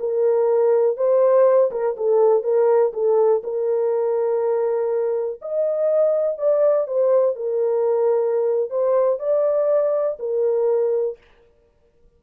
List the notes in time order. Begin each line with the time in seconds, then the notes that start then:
0.00 A#4
0.97 C5
1.72 A#4
1.97 A4
2.44 A#4
2.94 A4
3.44 A#4
5.42 D#5
6.39 D5
6.87 C5
7.36 A#4
8.70 C5
9.20 D5
10.20 A#4